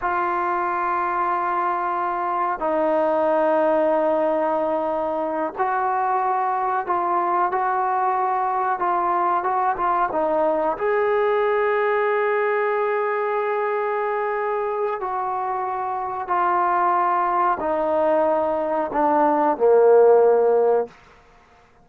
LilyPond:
\new Staff \with { instrumentName = "trombone" } { \time 4/4 \tempo 4 = 92 f'1 | dis'1~ | dis'8 fis'2 f'4 fis'8~ | fis'4. f'4 fis'8 f'8 dis'8~ |
dis'8 gis'2.~ gis'8~ | gis'2. fis'4~ | fis'4 f'2 dis'4~ | dis'4 d'4 ais2 | }